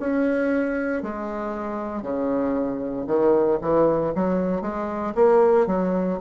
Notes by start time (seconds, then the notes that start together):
0.00 C#4
1.03 G#3
2.02 C#3
3.07 D#3
3.62 E3
4.15 F#3
4.62 G#3
5.15 A#3
5.67 F#3